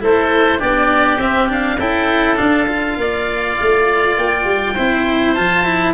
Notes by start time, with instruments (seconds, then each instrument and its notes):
0.00 tuba A3, cello E4, oboe A4 C5
0.58 tuba B3, cello D4, oboe G4 D5
1.17 tuba C4, cello C4, oboe E5
1.48 cello D4, oboe F5
1.78 tuba C#4, cello E4, oboe A4 G5
2.37 cello D4, tuba D4, oboe F5
2.67 cello F4
2.97 tuba A#3, oboe D5
3.61 tuba A3
4.17 tuba A#3, oboe G5
4.44 tuba G3
4.74 tuba C4, cello E4, oboe C5
5.34 tuba F3, cello F4, oboe A5
5.65 cello E4